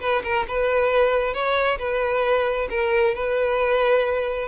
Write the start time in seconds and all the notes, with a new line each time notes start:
0.00 B4
0.24 A#4
0.48 B4
1.34 C#5
1.78 B4
2.70 A#4
3.14 B4